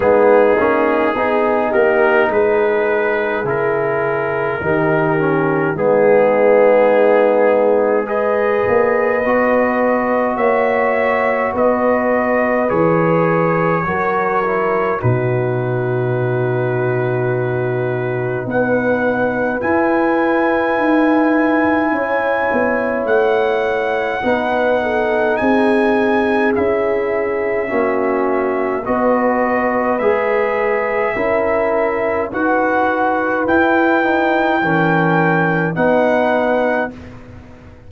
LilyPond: <<
  \new Staff \with { instrumentName = "trumpet" } { \time 4/4 \tempo 4 = 52 gis'4. ais'8 b'4 ais'4~ | ais'4 gis'2 dis''4~ | dis''4 e''4 dis''4 cis''4~ | cis''4 b'2. |
fis''4 gis''2. | fis''2 gis''4 e''4~ | e''4 dis''4 e''2 | fis''4 g''2 fis''4 | }
  \new Staff \with { instrumentName = "horn" } { \time 4/4 dis'4 gis'8 g'8 gis'2 | g'4 dis'2 b'4~ | b'4 cis''4 b'2 | ais'4 fis'2. |
b'2. cis''4~ | cis''4 b'8 a'8 gis'2 | fis'4 b'2 ais'4 | b'2 ais'4 b'4 | }
  \new Staff \with { instrumentName = "trombone" } { \time 4/4 b8 cis'8 dis'2 e'4 | dis'8 cis'8 b2 gis'4 | fis'2. gis'4 | fis'8 e'8 dis'2.~ |
dis'4 e'2.~ | e'4 dis'2 e'4 | cis'4 fis'4 gis'4 e'4 | fis'4 e'8 dis'8 cis'4 dis'4 | }
  \new Staff \with { instrumentName = "tuba" } { \time 4/4 gis8 ais8 b8 ais8 gis4 cis4 | dis4 gis2~ gis8 ais8 | b4 ais4 b4 e4 | fis4 b,2. |
b4 e'4 dis'4 cis'8 b8 | a4 b4 c'4 cis'4 | ais4 b4 gis4 cis'4 | dis'4 e'4 e4 b4 | }
>>